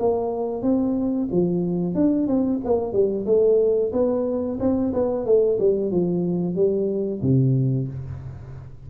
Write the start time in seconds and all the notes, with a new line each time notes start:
0.00 A#3
0.63 C4
1.32 F3
1.95 D4
2.28 C4
2.65 A#3
2.93 G3
3.26 A3
3.93 B3
4.60 C4
4.94 B3
5.26 A3
5.60 G3
5.92 F3
6.56 G3
7.22 C3